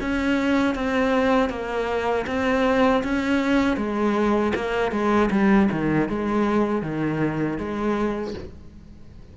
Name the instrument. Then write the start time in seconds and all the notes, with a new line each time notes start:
cello
0.00 C#4
0.75 C4
1.49 A#3
2.26 C4
3.03 C#4
3.77 G#3
4.55 A#3
4.91 G#3
5.31 G3
5.71 D#3
6.09 G#3
6.81 D#3
7.57 G#3